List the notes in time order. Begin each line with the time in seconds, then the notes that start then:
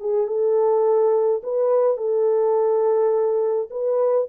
0.00 G#4
0.27 A4
1.43 B4
1.97 A4
3.70 B4